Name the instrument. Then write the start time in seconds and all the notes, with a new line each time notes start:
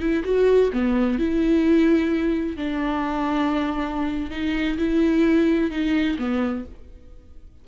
viola
0.00 E4
0.24 F#4
0.73 B3
1.18 E4
2.56 D4
4.30 D#4
4.77 E4
5.70 D#4
6.18 B3